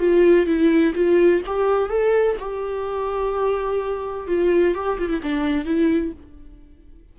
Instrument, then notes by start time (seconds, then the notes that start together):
viola
0.00 F4
0.47 E4
0.95 F4
1.47 G4
1.90 A4
2.39 G4
4.28 F4
4.75 G4
4.99 F4
5.09 E4
5.23 D4
5.65 E4